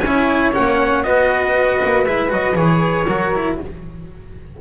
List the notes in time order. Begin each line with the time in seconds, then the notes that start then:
0.00 C#4 C#5 G#5
0.06 E4
0.53 A#3 C#4 F#5
1.03 B3 F#4 B4 D#5
1.84 A#3
2.05 G#3 E4 E5
2.28 F#3 F#4 D#5
2.55 E3 G#4 C#5
3.06 F#3 F#4 A#4
3.35 E4